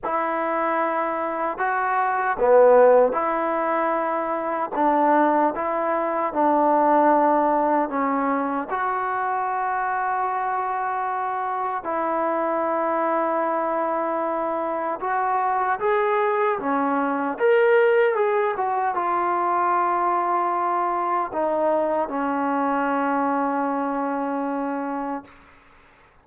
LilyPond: \new Staff \with { instrumentName = "trombone" } { \time 4/4 \tempo 4 = 76 e'2 fis'4 b4 | e'2 d'4 e'4 | d'2 cis'4 fis'4~ | fis'2. e'4~ |
e'2. fis'4 | gis'4 cis'4 ais'4 gis'8 fis'8 | f'2. dis'4 | cis'1 | }